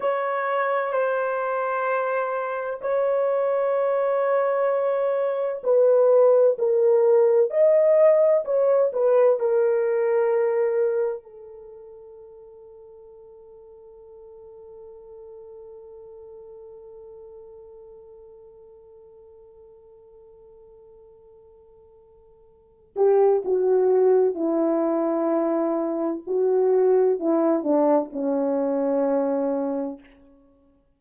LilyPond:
\new Staff \with { instrumentName = "horn" } { \time 4/4 \tempo 4 = 64 cis''4 c''2 cis''4~ | cis''2 b'4 ais'4 | dis''4 cis''8 b'8 ais'2 | a'1~ |
a'1~ | a'1~ | a'8 g'8 fis'4 e'2 | fis'4 e'8 d'8 cis'2 | }